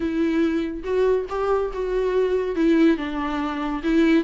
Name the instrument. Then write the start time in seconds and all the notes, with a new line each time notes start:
viola
0.00 E4
0.83 F#4
1.29 G4
1.73 F#4
2.55 E4
2.97 D4
3.83 E4